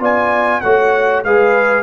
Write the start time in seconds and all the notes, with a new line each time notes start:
0.00 B3 F4 D5 G#5
0.61 A3 F#4 C#5 F#5
1.24 G#3 G#4 B4 F5